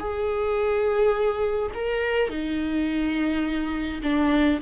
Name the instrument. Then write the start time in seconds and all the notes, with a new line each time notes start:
viola
0.00 G#4
1.75 A#4
2.30 D#4
4.03 D4